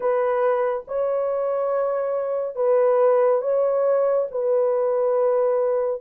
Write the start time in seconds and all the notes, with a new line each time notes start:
0.00 B4
0.87 C#5
2.55 B4
3.41 C#5
4.31 B4